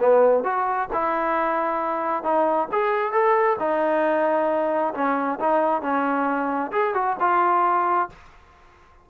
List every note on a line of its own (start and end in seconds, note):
0.00 0.44 B3
0.44 0.89 F#4
0.93 2.24 E4
2.24 2.68 D#4
2.72 3.12 G#4
3.12 3.57 A4
3.59 4.94 D#4
4.95 5.39 C#4
5.40 5.82 D#4
5.82 6.72 C#4
6.72 6.94 G#4
6.94 7.17 F#4
7.20 8.09 F4